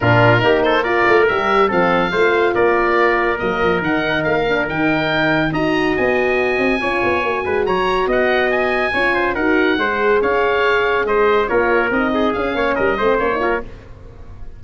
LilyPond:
<<
  \new Staff \with { instrumentName = "oboe" } { \time 4/4 \tempo 4 = 141 ais'4. c''8 d''4 e''4 | f''2 d''2 | dis''4 fis''4 f''4 g''4~ | g''4 ais''4 gis''2~ |
gis''2 ais''4 fis''4 | gis''2 fis''2 | f''2 dis''4 cis''4 | dis''4 f''4 dis''4 cis''4 | }
  \new Staff \with { instrumentName = "trumpet" } { \time 4/4 f'4 g'8 a'8 ais'2 | a'4 c''4 ais'2~ | ais'1~ | ais'4 dis''2. |
cis''4. b'8 cis''4 dis''4~ | dis''4 cis''8 c''8 ais'4 c''4 | cis''2 c''4 ais'4~ | ais'8 gis'4 cis''8 ais'8 c''4 ais'8 | }
  \new Staff \with { instrumentName = "horn" } { \time 4/4 d'4 dis'4 f'4 g'4 | c'4 f'2. | ais4 dis'4. d'8 dis'4~ | dis'4 fis'2. |
f'4 fis'2.~ | fis'4 f'4 fis'4 gis'4~ | gis'2. f'4 | dis'4 cis'4. c'8 cis'16 dis'16 f'8 | }
  \new Staff \with { instrumentName = "tuba" } { \time 4/4 ais,4 ais4. a8 g4 | f4 a4 ais2 | fis8 f8 dis4 ais4 dis4~ | dis4 dis'4 b4. c'8 |
cis'8 b8 ais8 gis8 fis4 b4~ | b4 cis'4 dis'4 gis4 | cis'2 gis4 ais4 | c'4 cis'8 ais8 g8 a8 ais4 | }
>>